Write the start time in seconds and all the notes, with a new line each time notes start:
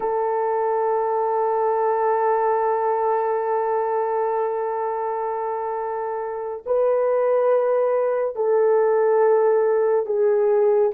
0.00 A4
6.65 B4
8.35 A4
10.06 G#4